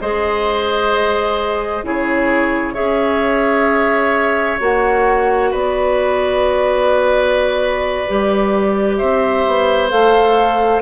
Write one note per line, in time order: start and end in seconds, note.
0.00 1.83 G#3
0.00 1.83 G#4
0.00 1.85 C5
0.00 1.85 D#5
1.83 2.75 C#3
1.83 2.74 E4
1.83 2.73 G#4
1.83 2.74 C#5
2.73 4.60 C#4
2.73 4.59 G#4
2.73 5.50 C#5
2.73 4.59 E5
4.59 5.52 A#3
4.59 8.05 F#4
4.59 5.52 F#5
5.50 8.06 B3
5.50 8.96 B4
5.50 8.96 D5
8.08 9.01 G3
8.08 9.89 G4
8.96 9.46 C4
8.96 10.81 C5
8.96 9.89 E5
9.46 9.92 B3
9.89 10.81 A3
9.89 10.81 A4
9.89 10.81 F5